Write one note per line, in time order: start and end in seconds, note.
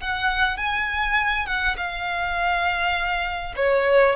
0.00 0.57 F#5
0.57 1.46 G#5
1.46 1.76 F#5
1.77 3.55 F5
3.56 4.16 C#5